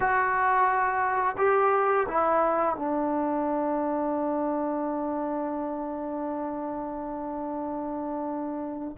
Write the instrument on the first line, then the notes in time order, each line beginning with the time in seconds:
trombone
0.00 F#4
1.37 G4
2.08 E4
2.76 D4